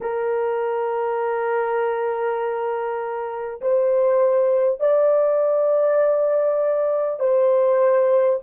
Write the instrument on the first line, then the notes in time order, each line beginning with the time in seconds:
horn
0.01 A#4
3.61 C5
4.80 D5
7.19 C5